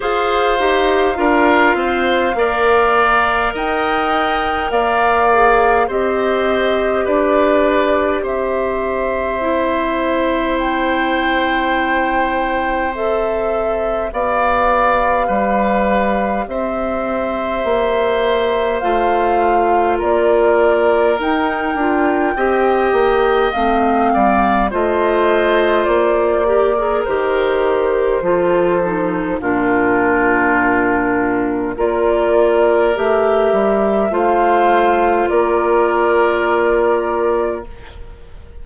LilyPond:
<<
  \new Staff \with { instrumentName = "flute" } { \time 4/4 \tempo 4 = 51 f''2. g''4 | f''4 dis''4 d''4 e''4~ | e''4 g''2 e''4 | f''2 e''2 |
f''4 d''4 g''2 | f''4 dis''4 d''4 c''4~ | c''4 ais'2 d''4 | e''4 f''4 d''2 | }
  \new Staff \with { instrumentName = "oboe" } { \time 4/4 c''4 ais'8 c''8 d''4 dis''4 | d''4 c''4 b'4 c''4~ | c''1 | d''4 b'4 c''2~ |
c''4 ais'2 dis''4~ | dis''8 d''8 c''4. ais'4. | a'4 f'2 ais'4~ | ais'4 c''4 ais'2 | }
  \new Staff \with { instrumentName = "clarinet" } { \time 4/4 gis'8 g'8 f'4 ais'2~ | ais'8 gis'8 g'2. | e'2. a'4 | g'1 |
f'2 dis'8 f'8 g'4 | c'4 f'4. g'16 gis'16 g'4 | f'8 dis'8 d'2 f'4 | g'4 f'2. | }
  \new Staff \with { instrumentName = "bassoon" } { \time 4/4 f'8 dis'8 d'8 c'8 ais4 dis'4 | ais4 c'4 d'4 c'4~ | c'1 | b4 g4 c'4 ais4 |
a4 ais4 dis'8 d'8 c'8 ais8 | a8 g8 a4 ais4 dis4 | f4 ais,2 ais4 | a8 g8 a4 ais2 | }
>>